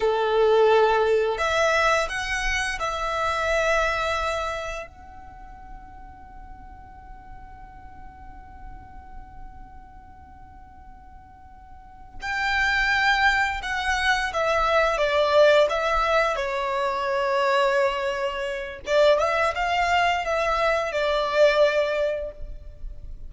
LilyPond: \new Staff \with { instrumentName = "violin" } { \time 4/4 \tempo 4 = 86 a'2 e''4 fis''4 | e''2. fis''4~ | fis''1~ | fis''1~ |
fis''4. g''2 fis''8~ | fis''8 e''4 d''4 e''4 cis''8~ | cis''2. d''8 e''8 | f''4 e''4 d''2 | }